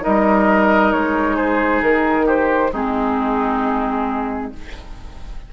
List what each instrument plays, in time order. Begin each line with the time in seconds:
0.00 clarinet D#4, oboe A#4, flute D#5
0.06 bassoon G3
0.92 bassoon G#3, flute C#5
1.36 oboe G#4, flute C5
1.82 bassoon D#3, flute A#4
2.26 oboe G4, flute C5
2.72 bassoon G#3, clarinet C4, oboe D#4, flute G#4